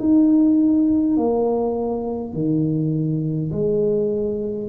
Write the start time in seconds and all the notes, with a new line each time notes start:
0.00 D#4
1.18 A#3
2.34 D#3
3.52 G#3